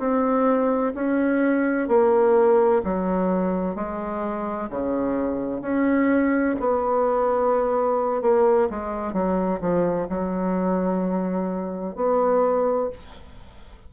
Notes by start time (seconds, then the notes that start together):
0.00 C4
0.95 C#4
1.89 A#3
2.85 F#3
3.76 G#3
4.70 C#3
5.62 C#4
6.60 B3
8.22 A#3
8.71 G#3
9.13 F#3
9.61 F3
10.10 F#3
11.96 B3